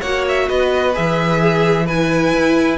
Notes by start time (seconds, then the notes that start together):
0.00 A#3 F#4 C#5 F#5
0.28 E5
0.49 B3 B4 D#5
0.93 E3 G#4 E5
1.42 G#4
1.86 E4 B4 G#5
2.33 E4